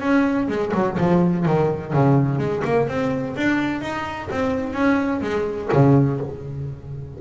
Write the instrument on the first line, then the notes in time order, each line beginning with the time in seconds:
double bass
0.00 C#4
0.48 G#3
0.74 F#3
0.98 F3
1.45 D#3
1.93 C#3
2.39 G#3
2.64 A#3
2.88 C4
3.37 D4
3.81 D#4
4.31 C4
4.73 C#4
5.21 G#3
5.73 C#3